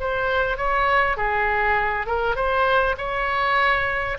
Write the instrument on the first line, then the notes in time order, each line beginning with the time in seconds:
oboe
0.00 C5
0.57 C#5
1.17 G#4
2.06 A#4
2.35 C5
2.97 C#5